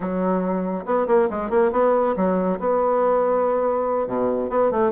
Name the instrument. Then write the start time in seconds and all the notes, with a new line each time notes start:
bassoon
0.00 F#3
0.85 B3
1.07 A#3
1.30 G#3
1.49 A#3
1.72 B3
2.16 F#3
2.59 B3
4.07 B2
4.49 B3
4.71 A3